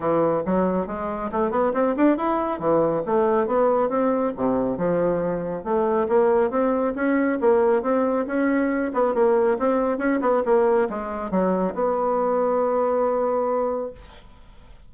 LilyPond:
\new Staff \with { instrumentName = "bassoon" } { \time 4/4 \tempo 4 = 138 e4 fis4 gis4 a8 b8 | c'8 d'8 e'4 e4 a4 | b4 c'4 c4 f4~ | f4 a4 ais4 c'4 |
cis'4 ais4 c'4 cis'4~ | cis'8 b8 ais4 c'4 cis'8 b8 | ais4 gis4 fis4 b4~ | b1 | }